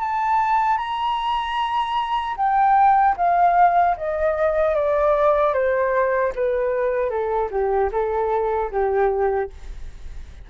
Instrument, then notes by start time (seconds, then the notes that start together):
flute
0.00 A5
0.78 A#5
2.37 G5
3.17 F5
3.97 D#5
4.75 D5
5.54 C5
6.35 B4
7.10 A4
7.51 G4
7.92 A4
8.71 G4